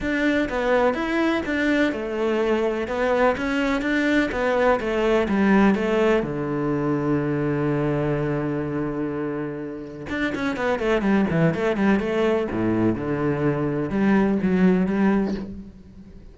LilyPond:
\new Staff \with { instrumentName = "cello" } { \time 4/4 \tempo 4 = 125 d'4 b4 e'4 d'4 | a2 b4 cis'4 | d'4 b4 a4 g4 | a4 d2.~ |
d1~ | d4 d'8 cis'8 b8 a8 g8 e8 | a8 g8 a4 a,4 d4~ | d4 g4 fis4 g4 | }